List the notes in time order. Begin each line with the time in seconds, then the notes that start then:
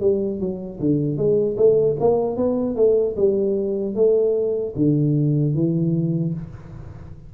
0.00 G3
0.39 F#3
0.80 D3
1.17 G#3
1.57 A3
2.00 A#3
2.36 B3
2.76 A3
3.16 G3
3.95 A3
4.75 D3
5.55 E3